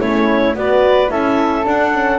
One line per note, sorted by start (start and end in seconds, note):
0.00 0.55 A3
0.00 0.55 C#4
0.00 0.55 E4
0.00 0.56 C#5
0.55 1.10 B3
0.55 1.08 F#4
0.55 1.11 B4
0.55 1.11 D5
1.08 1.65 C#4
1.08 1.63 E4
1.08 2.19 A4
1.08 1.66 E5
1.65 1.92 D4
1.65 2.19 D4
1.65 2.19 F#5
1.94 2.19 C#4